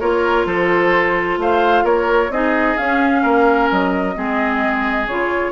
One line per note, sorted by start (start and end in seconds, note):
0.00 0.46 A#3
0.00 2.32 F4
0.00 0.47 A#4
0.00 0.46 C#5
0.46 1.37 F3
0.46 1.39 A4
0.46 1.39 C5
1.37 1.83 A3
1.37 1.85 C5
1.37 1.86 F5
1.83 2.30 A#3
1.83 2.31 A#4
1.83 2.32 C#5
2.30 2.76 C4
2.30 2.78 D#4
2.30 3.22 G#4
2.30 2.77 D#5
2.77 4.15 C#4
2.77 3.23 C#4
2.77 3.70 F5
3.22 3.70 A#3
3.22 4.15 A#4
3.71 4.16 F#3
3.71 5.08 D#5
4.15 5.07 G#3
4.15 5.07 C4
4.15 5.52 G#4
5.07 5.52 C#3
5.07 5.52 F4
5.07 5.52 C#5